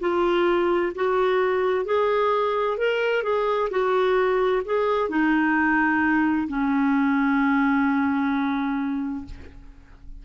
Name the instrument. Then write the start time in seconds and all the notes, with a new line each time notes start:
clarinet
0.00 F4
0.96 F#4
1.85 G#4
2.78 A#4
3.23 G#4
3.70 F#4
4.65 G#4
5.09 D#4
6.48 C#4